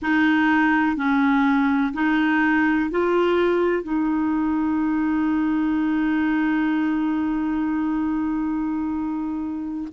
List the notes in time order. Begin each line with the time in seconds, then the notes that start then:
0.02 D#4
0.96 C#4
1.94 D#4
2.90 F4
3.83 D#4